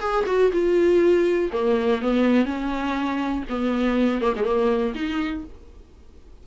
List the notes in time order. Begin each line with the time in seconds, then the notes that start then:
0.00 G#4
0.27 F#4
0.53 F4
1.52 A#3
2.02 B3
2.45 C#4
3.50 B3
4.21 A#3
4.36 G#3
4.44 A#3
4.95 D#4